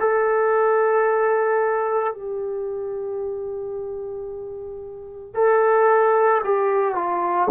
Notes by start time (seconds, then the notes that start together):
0.00 A4
2.14 G4
5.35 A4
6.44 G4
6.95 F4